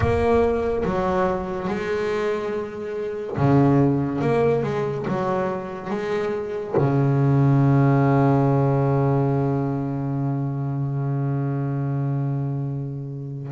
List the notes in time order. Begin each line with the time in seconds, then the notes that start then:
0.00 A#3
0.85 F#3
1.67 G#3
3.36 C#3
4.21 A#3
4.63 G#3
5.07 F#3
5.89 G#3
6.76 C#3